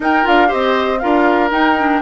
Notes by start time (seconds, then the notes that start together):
0.00 D#4 A#4 G5
0.23 D4 F4 F5
0.47 C4 G4 C5 D#5
0.98 D4 F4 A#4 F5
1.50 D#4 G5
1.78 D4